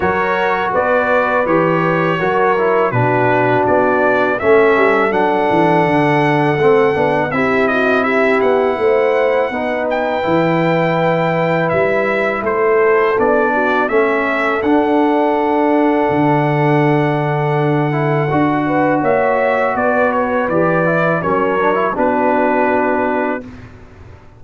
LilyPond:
<<
  \new Staff \with { instrumentName = "trumpet" } { \time 4/4 \tempo 4 = 82 cis''4 d''4 cis''2 | b'4 d''4 e''4 fis''4~ | fis''2 e''8 dis''8 e''8 fis''8~ | fis''4. g''2~ g''8 |
e''4 c''4 d''4 e''4 | fis''1~ | fis''2 e''4 d''8 cis''8 | d''4 cis''4 b'2 | }
  \new Staff \with { instrumentName = "horn" } { \time 4/4 ais'4 b'2 ais'4 | fis'2 a'2~ | a'2 g'8 fis'8 g'4 | c''4 b'2.~ |
b'4 a'4. fis'8 a'4~ | a'1~ | a'4. b'8 cis''4 b'4~ | b'4 ais'4 fis'2 | }
  \new Staff \with { instrumentName = "trombone" } { \time 4/4 fis'2 g'4 fis'8 e'8 | d'2 cis'4 d'4~ | d'4 c'8 d'8 e'2~ | e'4 dis'4 e'2~ |
e'2 d'4 cis'4 | d'1~ | d'8 e'8 fis'2. | g'8 e'8 cis'8 d'16 e'16 d'2 | }
  \new Staff \with { instrumentName = "tuba" } { \time 4/4 fis4 b4 e4 fis4 | b,4 b4 a8 g8 fis8 e8 | d4 a8 b8 c'4. b8 | a4 b4 e2 |
g4 a4 b4 a4 | d'2 d2~ | d4 d'4 ais4 b4 | e4 fis4 b2 | }
>>